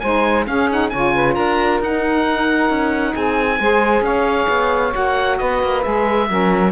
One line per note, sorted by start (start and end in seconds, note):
0.00 0.47 G#3
0.00 0.47 D#4
0.00 0.47 C5
0.00 0.45 G#5
0.47 0.70 C#4
0.47 0.92 C#4
0.47 0.91 G#4
0.47 0.70 F5
0.70 0.93 D#4
0.70 0.89 F#5
0.89 1.36 C#3
0.89 1.83 F4
0.89 1.14 C#5
0.89 1.34 G#5
1.14 1.35 B4
1.35 1.80 D4
1.35 3.13 A#4
1.35 1.79 A#5
1.80 2.69 D#4
1.80 3.60 D#4
1.80 3.15 F#5
2.69 3.14 C#4
3.13 3.59 C4
3.13 3.58 G#4
3.13 4.04 G#5
3.59 4.01 G#3
3.59 4.92 G#4
3.59 4.04 C5
4.01 4.46 C#4
4.01 5.39 C#5
4.01 4.94 F5
4.49 4.93 B3
4.92 5.40 A#3
4.92 5.81 F#4
4.92 5.38 F#5
5.38 5.63 B3
5.38 6.29 B4
5.38 5.82 D#5
5.63 5.86 A#3
5.82 6.30 G#3
5.82 6.28 G#4
5.82 6.72 E5
6.29 6.72 F#3
6.29 6.72 C#4
6.29 6.72 A#4